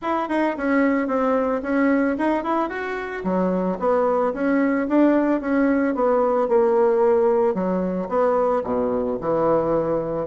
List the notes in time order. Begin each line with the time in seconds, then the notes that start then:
0.01 E4
0.28 D#4
0.57 C#4
1.07 C4
1.62 C#4
2.18 D#4
2.43 E4
2.69 F#4
3.23 F#3
3.79 B3
4.33 C#4
4.88 D4
5.41 C#4
5.95 B3
6.48 A#3
7.54 F#3
8.08 B3
8.63 B2
9.20 E3